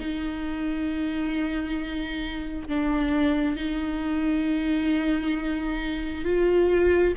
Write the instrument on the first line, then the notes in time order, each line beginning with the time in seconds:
viola
0.00 D#4
2.68 D4
3.56 D#4
6.25 F4